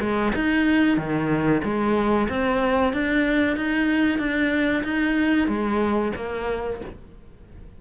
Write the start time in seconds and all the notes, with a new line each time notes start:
0.00 G#3
0.35 D#4
0.97 D#3
1.63 G#3
2.29 C4
2.93 D4
3.56 D#4
4.18 D4
4.83 D#4
5.48 G#3
6.16 A#3